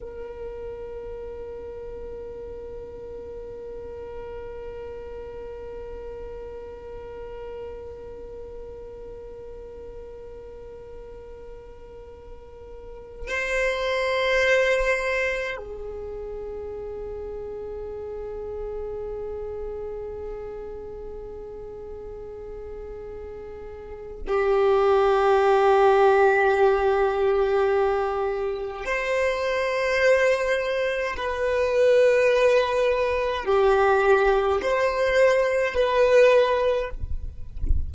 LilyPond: \new Staff \with { instrumentName = "violin" } { \time 4/4 \tempo 4 = 52 ais'1~ | ais'1~ | ais'2.~ ais'8 c''8~ | c''4. gis'2~ gis'8~ |
gis'1~ | gis'4 g'2.~ | g'4 c''2 b'4~ | b'4 g'4 c''4 b'4 | }